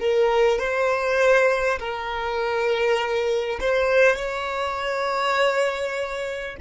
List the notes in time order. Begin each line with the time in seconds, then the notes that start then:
0.00 A#4
0.59 C5
1.79 A#4
3.61 C5
4.17 C#5